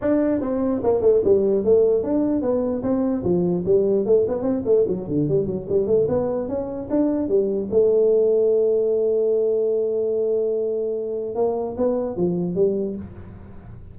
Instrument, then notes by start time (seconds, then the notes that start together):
tuba
0.01 D4
0.41 C4
0.83 A#3
1.01 A3
1.24 G3
1.64 A3
2.03 D4
2.41 B3
2.82 C4
3.23 F3
3.65 G3
4.05 A3
4.28 B3
4.42 C4
4.65 A3
4.87 F#3
5.08 D3
5.28 G3
5.46 F#3
5.68 G3
5.86 A3
6.08 B3
6.48 C#4
6.90 D4
7.28 G3
7.70 A3
11.35 A#3
11.77 B3
12.16 F3
12.55 G3